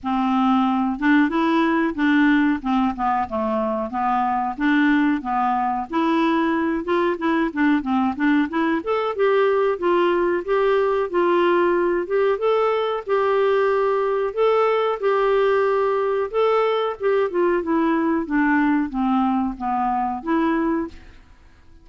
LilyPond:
\new Staff \with { instrumentName = "clarinet" } { \time 4/4 \tempo 4 = 92 c'4. d'8 e'4 d'4 | c'8 b8 a4 b4 d'4 | b4 e'4. f'8 e'8 d'8 | c'8 d'8 e'8 a'8 g'4 f'4 |
g'4 f'4. g'8 a'4 | g'2 a'4 g'4~ | g'4 a'4 g'8 f'8 e'4 | d'4 c'4 b4 e'4 | }